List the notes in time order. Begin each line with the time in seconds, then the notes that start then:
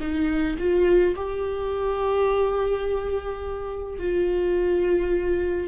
0.00 D#4
0.59 F4
1.16 G4
3.99 F4